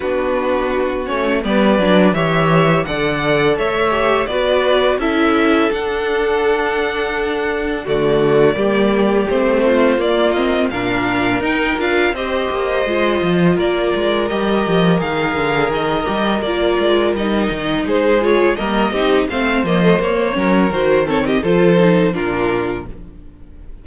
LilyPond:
<<
  \new Staff \with { instrumentName = "violin" } { \time 4/4 \tempo 4 = 84 b'4. cis''8 d''4 e''4 | fis''4 e''4 d''4 e''4 | fis''2. d''4~ | d''4 c''4 d''8 dis''8 f''4 |
g''8 f''8 dis''2 d''4 | dis''4 f''4 dis''4 d''4 | dis''4 c''8 cis''8 dis''4 f''8 dis''8 | cis''4 c''8 cis''16 dis''16 c''4 ais'4 | }
  \new Staff \with { instrumentName = "violin" } { \time 4/4 fis'2 b'4 cis''4 | d''4 cis''4 b'4 a'4~ | a'2. fis'4 | g'4. f'4. ais'4~ |
ais'4 c''2 ais'4~ | ais'1~ | ais'4 gis'4 ais'8 g'8 c''4~ | c''8 ais'4 a'16 g'16 a'4 f'4 | }
  \new Staff \with { instrumentName = "viola" } { \time 4/4 d'4. cis'8 b8 d'8 g'4 | a'4. g'8 fis'4 e'4 | d'2. a4 | ais4 c'4 ais8 c'8 d'4 |
dis'8 f'8 g'4 f'2 | g'4 gis'4. g'8 f'4 | dis'4. f'8 ais8 dis'8 c'8 ais16 a16 | ais8 cis'8 fis'8 c'8 f'8 dis'8 d'4 | }
  \new Staff \with { instrumentName = "cello" } { \time 4/4 b4. a8 g8 fis8 e4 | d4 a4 b4 cis'4 | d'2. d4 | g4 a4 ais4 ais,4 |
dis'8 d'8 c'8 ais8 gis8 f8 ais8 gis8 | g8 f8 dis8 d8 dis8 g8 ais8 gis8 | g8 dis8 gis4 g8 c'8 a8 f8 | ais8 fis8 dis4 f4 ais,4 | }
>>